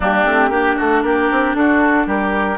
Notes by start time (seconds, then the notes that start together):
0.00 G3 A#3 D4 G4
0.25 A3 C4
0.49 A#3 D4 G4
0.76 A3 F#4 A4
1.02 A#3 G4 A#4
1.31 C4
1.54 D4 F#4 A4
2.06 G3 G4 A#4